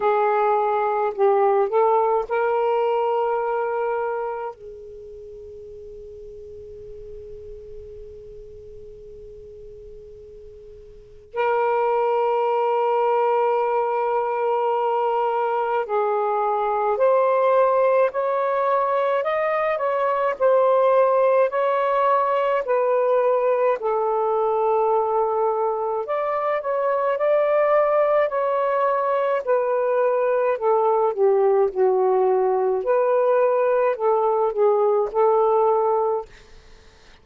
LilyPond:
\new Staff \with { instrumentName = "saxophone" } { \time 4/4 \tempo 4 = 53 gis'4 g'8 a'8 ais'2 | gis'1~ | gis'2 ais'2~ | ais'2 gis'4 c''4 |
cis''4 dis''8 cis''8 c''4 cis''4 | b'4 a'2 d''8 cis''8 | d''4 cis''4 b'4 a'8 g'8 | fis'4 b'4 a'8 gis'8 a'4 | }